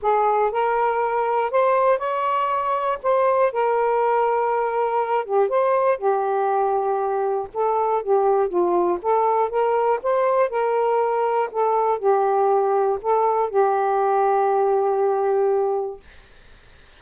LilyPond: \new Staff \with { instrumentName = "saxophone" } { \time 4/4 \tempo 4 = 120 gis'4 ais'2 c''4 | cis''2 c''4 ais'4~ | ais'2~ ais'8 g'8 c''4 | g'2. a'4 |
g'4 f'4 a'4 ais'4 | c''4 ais'2 a'4 | g'2 a'4 g'4~ | g'1 | }